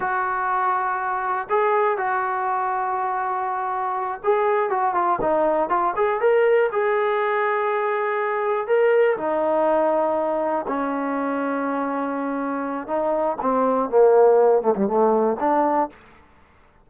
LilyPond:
\new Staff \with { instrumentName = "trombone" } { \time 4/4 \tempo 4 = 121 fis'2. gis'4 | fis'1~ | fis'8 gis'4 fis'8 f'8 dis'4 f'8 | gis'8 ais'4 gis'2~ gis'8~ |
gis'4. ais'4 dis'4.~ | dis'4. cis'2~ cis'8~ | cis'2 dis'4 c'4 | ais4. a16 g16 a4 d'4 | }